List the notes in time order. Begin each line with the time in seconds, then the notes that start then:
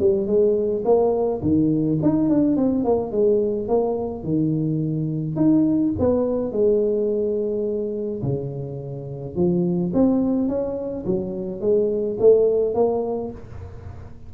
0.00 G3
0.28 G#3
0.85 A#3
1.43 D#3
2.03 D#4
2.30 D4
2.57 C4
2.85 A#3
3.12 G#3
3.69 A#3
4.24 D#3
5.36 D#4
6.00 B3
6.53 G#3
8.23 C#3
9.36 F3
9.94 C4
10.49 C#4
11.07 F#3
11.61 G#3
12.20 A3
12.75 A#3